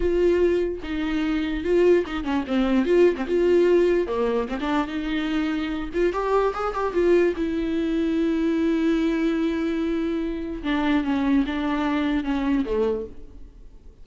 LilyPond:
\new Staff \with { instrumentName = "viola" } { \time 4/4 \tempo 4 = 147 f'2 dis'2 | f'4 dis'8 cis'8 c'4 f'8. c'16 | f'2 ais4 c'16 d'8. | dis'2~ dis'8 f'8 g'4 |
gis'8 g'8 f'4 e'2~ | e'1~ | e'2 d'4 cis'4 | d'2 cis'4 a4 | }